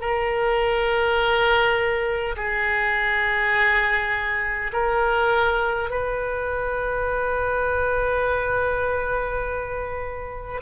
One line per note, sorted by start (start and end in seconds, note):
0.00 2.35 A#4
2.36 4.72 G#4
4.73 5.90 A#4
5.90 10.60 B4